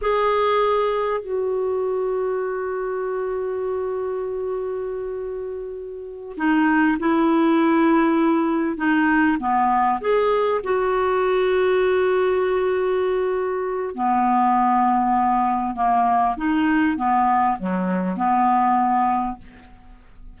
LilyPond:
\new Staff \with { instrumentName = "clarinet" } { \time 4/4 \tempo 4 = 99 gis'2 fis'2~ | fis'1~ | fis'2~ fis'8 dis'4 e'8~ | e'2~ e'8 dis'4 b8~ |
b8 gis'4 fis'2~ fis'8~ | fis'2. b4~ | b2 ais4 dis'4 | b4 fis4 b2 | }